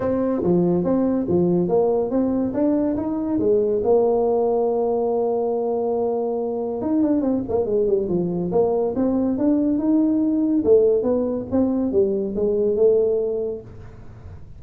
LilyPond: \new Staff \with { instrumentName = "tuba" } { \time 4/4 \tempo 4 = 141 c'4 f4 c'4 f4 | ais4 c'4 d'4 dis'4 | gis4 ais2.~ | ais1 |
dis'8 d'8 c'8 ais8 gis8 g8 f4 | ais4 c'4 d'4 dis'4~ | dis'4 a4 b4 c'4 | g4 gis4 a2 | }